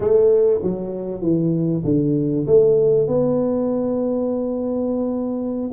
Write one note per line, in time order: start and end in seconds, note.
0.00 0.60 A3
0.62 1.21 F#3
1.21 1.83 E3
1.84 2.46 D3
2.46 3.07 A3
3.07 5.70 B3